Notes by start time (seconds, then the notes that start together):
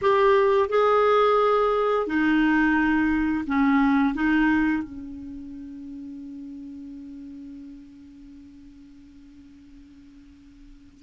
0.01 G4
0.69 G#4
2.07 D#4
3.47 C#4
4.14 D#4
4.83 C#4